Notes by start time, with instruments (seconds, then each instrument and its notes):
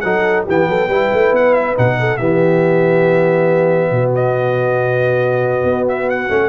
0.00 tuba F#3, trombone D#4, horn A4, trumpet F#5
0.46 tuba E3, trombone B3, horn G4, trumpet G5
0.68 tuba F#3, horn A4
0.88 tuba G3, trombone E4, horn B4
1.12 tuba A3
1.31 tuba B3, trumpet F#5
1.53 trumpet E5
1.75 tuba B2, trombone D#4, trumpet F#5
1.99 horn A4
2.17 tuba E3, trombone B3, horn G4, trumpet E5
3.91 tuba B2, horn F#4
4.15 trumpet D#5
5.64 tuba B3
5.88 trumpet E5
6.09 trumpet F#5
6.29 tuba A3, trombone C#4